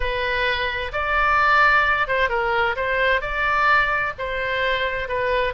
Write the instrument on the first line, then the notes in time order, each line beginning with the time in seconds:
oboe
0.00 B4
0.92 D5
2.07 C5
2.29 A#4
2.76 C5
3.21 D5
4.18 C5
5.08 B4